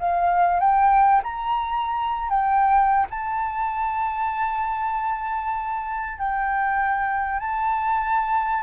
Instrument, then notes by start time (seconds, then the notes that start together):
flute
0.00 F5
0.60 G5
1.24 A#5
2.30 G5
3.11 A5
6.19 G5
7.40 A5